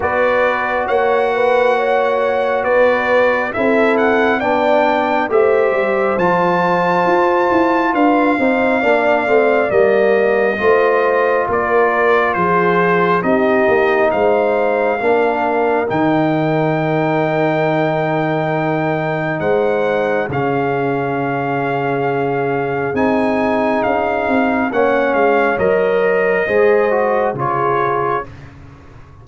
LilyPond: <<
  \new Staff \with { instrumentName = "trumpet" } { \time 4/4 \tempo 4 = 68 d''4 fis''2 d''4 | e''8 fis''8 g''4 e''4 a''4~ | a''4 f''2 dis''4~ | dis''4 d''4 c''4 dis''4 |
f''2 g''2~ | g''2 fis''4 f''4~ | f''2 gis''4 f''4 | fis''8 f''8 dis''2 cis''4 | }
  \new Staff \with { instrumentName = "horn" } { \time 4/4 b'4 cis''8 b'8 cis''4 b'4 | a'4 d''4 c''2~ | c''4 b'8 c''8 d''2 | c''4 ais'4 gis'4 g'4 |
c''4 ais'2.~ | ais'2 c''4 gis'4~ | gis'1 | cis''2 c''4 gis'4 | }
  \new Staff \with { instrumentName = "trombone" } { \time 4/4 fis'1 | e'4 d'4 g'4 f'4~ | f'4. dis'8 d'8 c'8 ais4 | f'2. dis'4~ |
dis'4 d'4 dis'2~ | dis'2. cis'4~ | cis'2 dis'2 | cis'4 ais'4 gis'8 fis'8 f'4 | }
  \new Staff \with { instrumentName = "tuba" } { \time 4/4 b4 ais2 b4 | c'4 b4 a8 g8 f4 | f'8 e'8 d'8 c'8 ais8 a8 g4 | a4 ais4 f4 c'8 ais8 |
gis4 ais4 dis2~ | dis2 gis4 cis4~ | cis2 c'4 cis'8 c'8 | ais8 gis8 fis4 gis4 cis4 | }
>>